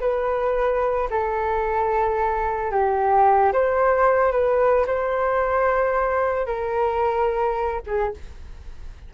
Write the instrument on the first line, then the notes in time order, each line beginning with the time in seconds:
flute
0.00 B4
1.10 A4
2.71 G4
3.53 C5
4.31 B4
4.86 C5
6.46 A#4
7.86 G#4